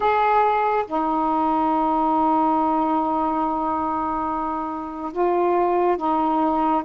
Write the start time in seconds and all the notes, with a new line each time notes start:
0.00 G#4
0.86 D#4
5.12 F4
5.96 D#4